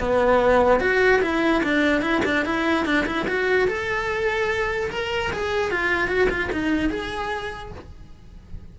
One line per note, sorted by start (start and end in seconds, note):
0.00 0.81 B3
0.81 1.22 F#4
1.22 1.63 E4
1.64 2.02 D4
2.02 2.22 E4
2.26 2.46 D4
2.46 2.86 E4
2.86 3.06 D4
3.07 3.27 E4
3.28 3.68 F#4
3.68 4.91 A4
4.91 5.32 A#4
5.33 5.72 G#4
5.72 6.09 F4
6.09 6.29 F#4
6.30 6.50 F4
6.53 6.90 D#4
6.90 7.72 G#4